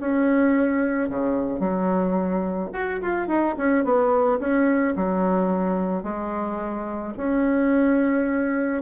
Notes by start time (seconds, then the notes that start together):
0.00 C#4
1.09 C#3
1.59 F#3
2.73 F#4
3.02 F4
3.28 D#4
3.58 C#4
3.84 B3
4.39 C#4
4.96 F#3
6.03 G#3
7.17 C#4